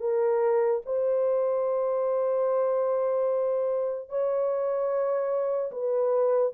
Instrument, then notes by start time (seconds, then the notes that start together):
horn
0.00 A#4
0.86 C5
4.09 C#5
5.72 B4